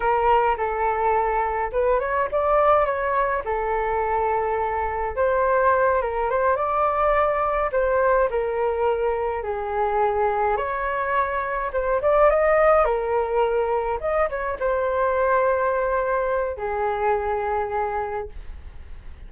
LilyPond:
\new Staff \with { instrumentName = "flute" } { \time 4/4 \tempo 4 = 105 ais'4 a'2 b'8 cis''8 | d''4 cis''4 a'2~ | a'4 c''4. ais'8 c''8 d''8~ | d''4. c''4 ais'4.~ |
ais'8 gis'2 cis''4.~ | cis''8 c''8 d''8 dis''4 ais'4.~ | ais'8 dis''8 cis''8 c''2~ c''8~ | c''4 gis'2. | }